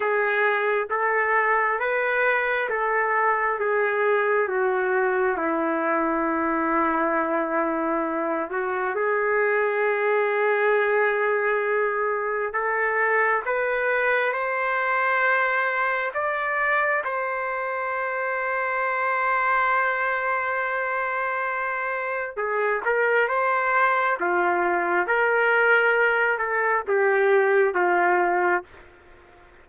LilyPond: \new Staff \with { instrumentName = "trumpet" } { \time 4/4 \tempo 4 = 67 gis'4 a'4 b'4 a'4 | gis'4 fis'4 e'2~ | e'4. fis'8 gis'2~ | gis'2 a'4 b'4 |
c''2 d''4 c''4~ | c''1~ | c''4 gis'8 ais'8 c''4 f'4 | ais'4. a'8 g'4 f'4 | }